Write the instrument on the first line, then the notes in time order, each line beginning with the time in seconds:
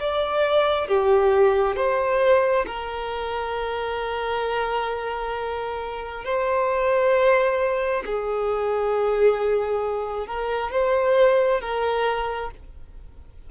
violin
0.00 D5
0.88 G4
1.76 C5
2.67 A#4
6.25 C5
8.06 G#4
10.27 A#4
10.72 C5
11.61 A#4